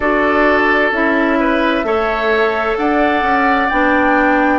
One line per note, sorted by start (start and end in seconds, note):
0.00 0.91 D4
0.00 0.93 F#4
0.00 1.38 A4
0.00 0.92 D5
0.91 1.83 C#4
0.91 1.84 E4
0.91 2.77 E5
1.39 1.86 B4
1.83 2.75 A3
1.83 3.68 A4
1.83 2.77 C#5
2.77 3.22 D4
2.77 4.59 D5
2.77 3.69 F#5
3.22 3.68 C#4
3.69 4.59 B3
3.69 4.59 D4
3.69 4.59 G5